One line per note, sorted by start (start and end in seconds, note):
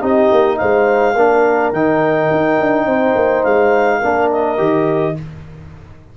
0.00 0.30 C4
0.00 1.14 D#4
0.00 0.57 G4
0.00 0.56 D#5
0.31 0.59 A#3
0.56 1.15 G#3
0.56 1.15 C5
0.56 1.71 F5
1.15 1.72 A#3
1.15 1.74 D4
1.15 2.86 A#4
1.72 2.29 D#3
1.72 4.02 D#4
1.72 3.43 G5
2.30 2.59 D#4
2.60 2.85 D4
2.85 3.14 C4
2.85 3.99 C5
3.15 3.43 A#3
3.43 4.01 G#3
3.43 4.29 F5
3.99 4.58 A#3
3.99 4.57 D4
3.99 5.13 A#4
4.31 5.17 D#5
4.57 5.15 D#3
4.57 5.14 G4